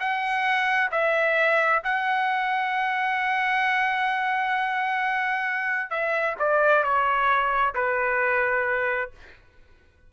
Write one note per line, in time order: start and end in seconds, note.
0.00 0.91 F#5
0.92 1.83 E5
1.84 5.90 F#5
5.90 6.36 E5
6.39 6.84 D5
6.84 7.75 C#5
7.75 9.12 B4